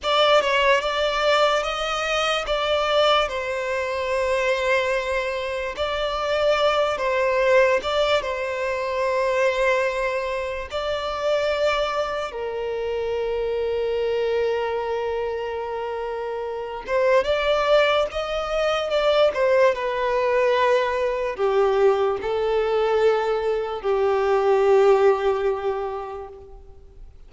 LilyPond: \new Staff \with { instrumentName = "violin" } { \time 4/4 \tempo 4 = 73 d''8 cis''8 d''4 dis''4 d''4 | c''2. d''4~ | d''8 c''4 d''8 c''2~ | c''4 d''2 ais'4~ |
ais'1~ | ais'8 c''8 d''4 dis''4 d''8 c''8 | b'2 g'4 a'4~ | a'4 g'2. | }